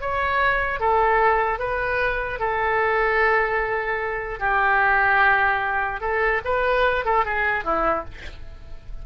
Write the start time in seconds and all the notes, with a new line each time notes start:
0.00 C#5
0.80 A4
1.59 B4
2.39 A4
4.39 G4
6.00 A4
6.44 B4
7.04 A4
7.25 G#4
7.64 E4